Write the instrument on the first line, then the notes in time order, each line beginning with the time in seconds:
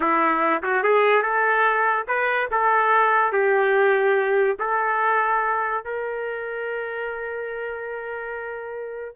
trumpet
0.00 E4
0.62 F#4
0.83 G#4
1.22 A4
2.07 B4
2.51 A4
3.32 G4
4.59 A4
5.84 A#4